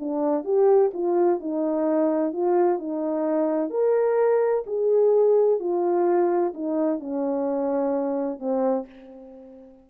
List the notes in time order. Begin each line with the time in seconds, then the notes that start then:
0.00 D4
0.45 G4
0.94 F4
1.41 D#4
2.34 F4
2.79 D#4
3.71 A#4
4.67 G#4
5.60 F4
6.55 D#4
7.00 C#4
8.40 C4